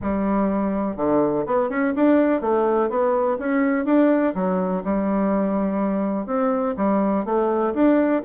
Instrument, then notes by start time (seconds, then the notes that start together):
bassoon
0.01 G3
0.96 D3
1.46 B3
1.69 C#4
1.95 D4
2.41 A3
2.89 B3
3.38 C#4
3.85 D4
4.34 F#3
4.83 G3
6.26 C4
6.76 G3
7.25 A3
7.74 D4